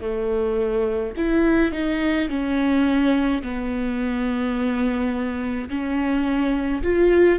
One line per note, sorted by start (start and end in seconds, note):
0.00 1.13 A3
1.17 1.71 E4
1.71 2.28 D#4
2.28 3.42 C#4
3.42 5.69 B3
5.69 6.82 C#4
6.83 7.39 F4